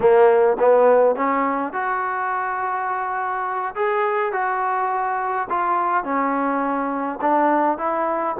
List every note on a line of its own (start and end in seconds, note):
0.00 0.57 A#3
0.59 1.15 B3
1.15 1.73 C#4
1.73 3.74 F#4
3.75 4.32 G#4
4.32 5.48 F#4
5.49 6.03 F4
6.03 7.19 C#4
7.21 7.78 D4
7.78 8.35 E4